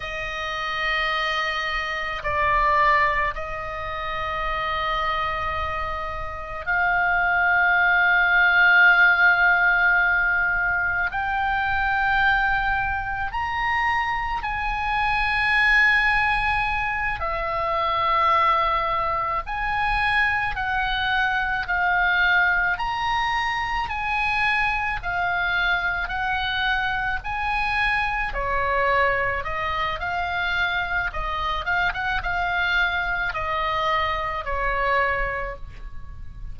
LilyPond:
\new Staff \with { instrumentName = "oboe" } { \time 4/4 \tempo 4 = 54 dis''2 d''4 dis''4~ | dis''2 f''2~ | f''2 g''2 | ais''4 gis''2~ gis''8 e''8~ |
e''4. gis''4 fis''4 f''8~ | f''8 ais''4 gis''4 f''4 fis''8~ | fis''8 gis''4 cis''4 dis''8 f''4 | dis''8 f''16 fis''16 f''4 dis''4 cis''4 | }